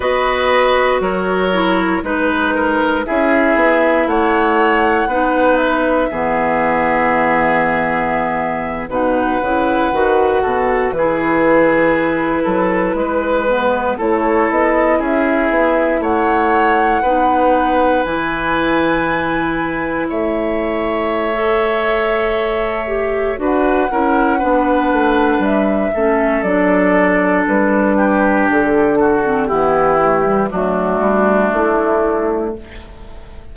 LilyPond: <<
  \new Staff \with { instrumentName = "flute" } { \time 4/4 \tempo 4 = 59 dis''4 cis''4 b'4 e''4 | fis''4. e''2~ e''8~ | e''8. fis''2 b'4~ b'16~ | b'4.~ b'16 cis''8 dis''8 e''4 fis''16~ |
fis''4.~ fis''16 gis''2 e''16~ | e''2. fis''4~ | fis''4 e''4 d''4 b'4 | a'4 g'4 fis'4 e'4 | }
  \new Staff \with { instrumentName = "oboe" } { \time 4/4 b'4 ais'4 b'8 ais'8 gis'4 | cis''4 b'4 gis'2~ | gis'8. b'4. a'8 gis'4~ gis'16~ | gis'16 a'8 b'4 a'4 gis'4 cis''16~ |
cis''8. b'2. cis''16~ | cis''2. b'8 ais'8 | b'4. a'2 g'8~ | g'8 fis'8 e'4 d'2 | }
  \new Staff \with { instrumentName = "clarinet" } { \time 4/4 fis'4. e'8 dis'4 e'4~ | e'4 dis'4 b2~ | b8. dis'8 e'8 fis'4 e'4~ e'16~ | e'4~ e'16 b8 e'2~ e'16~ |
e'8. dis'4 e'2~ e'16~ | e'4 a'4. g'8 fis'8 e'8 | d'4. cis'8 d'2~ | d'8. c'16 b8 a16 g16 a2 | }
  \new Staff \with { instrumentName = "bassoon" } { \time 4/4 b4 fis4 gis4 cis'8 b8 | a4 b4 e2~ | e8. b,8 cis8 dis8 b,8 e4~ e16~ | e16 fis8 gis4 a8 b8 cis'8 b8 a16~ |
a8. b4 e2 a16~ | a2. d'8 cis'8 | b8 a8 g8 a8 fis4 g4 | d4 e4 fis8 g8 a4 | }
>>